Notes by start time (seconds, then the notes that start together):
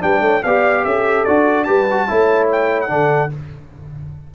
0.00 G3 D4 B4 G5
0.21 A3 C#5
0.43 B3 G4 D5 F5
0.84 C#4 A4 E5
1.25 D4 F#4 D5
1.64 G3 G4 B4 A5
1.91 F#4
2.08 A3 E4 C#5
2.52 G5
2.81 F#5
2.88 D3 D4 A4